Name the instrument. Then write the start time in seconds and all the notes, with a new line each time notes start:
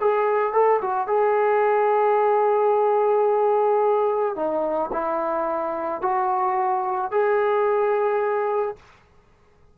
trombone
0.00 G#4
0.53 A4
0.81 F#4
1.07 G#4
4.35 D#4
4.92 E4
6.01 F#4
7.11 G#4